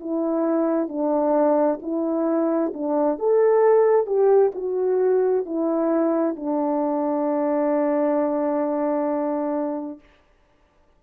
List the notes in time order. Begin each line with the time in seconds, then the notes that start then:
0.00 E4
0.88 D4
1.82 E4
2.74 D4
3.19 A4
4.06 G4
4.55 F#4
5.46 E4
6.36 D4